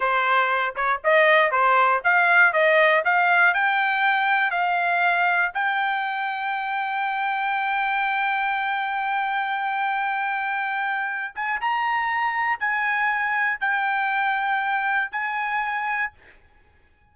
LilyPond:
\new Staff \with { instrumentName = "trumpet" } { \time 4/4 \tempo 4 = 119 c''4. cis''8 dis''4 c''4 | f''4 dis''4 f''4 g''4~ | g''4 f''2 g''4~ | g''1~ |
g''1~ | g''2~ g''8 gis''8 ais''4~ | ais''4 gis''2 g''4~ | g''2 gis''2 | }